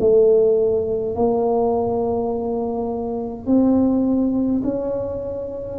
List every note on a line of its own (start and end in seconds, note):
0.00 1.15 A3
1.15 3.46 A#3
3.46 4.62 C4
4.64 5.78 C#4